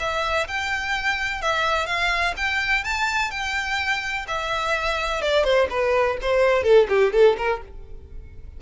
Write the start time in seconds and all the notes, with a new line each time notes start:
0.00 E5
0.48 G5
1.42 E5
1.87 F5
2.37 G5
2.84 A5
3.31 G5
4.28 E5
5.22 D5
5.44 C5
5.70 B4
6.22 C5
6.64 A4
6.89 G4
7.13 A4
7.38 A#4